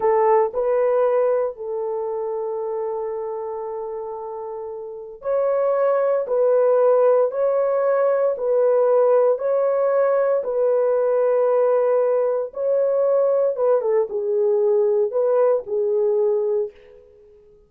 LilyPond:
\new Staff \with { instrumentName = "horn" } { \time 4/4 \tempo 4 = 115 a'4 b'2 a'4~ | a'1~ | a'2 cis''2 | b'2 cis''2 |
b'2 cis''2 | b'1 | cis''2 b'8 a'8 gis'4~ | gis'4 b'4 gis'2 | }